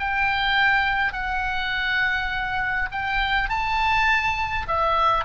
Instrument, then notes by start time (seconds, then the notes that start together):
oboe
0.00 G5
1.13 F#5
2.91 G5
3.50 A5
4.68 E5